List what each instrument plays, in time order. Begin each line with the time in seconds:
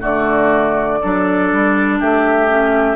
0.00 bassoon D3, clarinet A3, oboe F#4, flute D5
1.01 bassoon F#3, clarinet D4, oboe A4
1.52 bassoon G3
1.99 bassoon A3, oboe G4, flute E5
2.48 clarinet C#4